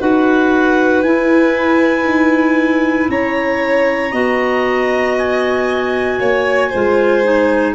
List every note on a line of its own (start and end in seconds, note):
0.00 1.03 D#4
0.00 1.04 F#4
0.00 3.10 B4
0.00 1.02 F#5
1.02 2.04 E4
1.02 4.12 E4
1.02 3.09 G#5
2.04 3.08 D#4
3.09 4.12 C#4
3.09 4.12 C#5
3.09 5.17 A#5
4.12 6.19 B3
4.12 6.71 F#4
4.12 6.19 D#5
5.18 7.75 G#5
6.20 6.71 A#3
6.20 6.70 C#5
6.70 7.75 G#3
6.70 7.24 F4
6.70 7.73 C5
7.24 7.75 D#4